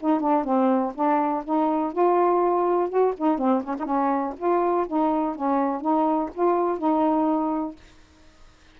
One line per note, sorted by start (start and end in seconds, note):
0.00 0.20 D#4
0.20 0.44 D4
0.44 0.92 C4
0.95 1.43 D4
1.44 1.92 D#4
1.92 2.89 F4
2.89 3.14 F#4
3.17 3.38 D#4
3.38 3.62 C4
3.63 3.76 C#4
3.79 4.33 C#4
3.79 3.85 D#4
4.38 4.86 F4
4.87 5.35 D#4
5.35 5.81 C#4
5.81 6.29 D#4
6.34 6.78 F4
6.78 7.76 D#4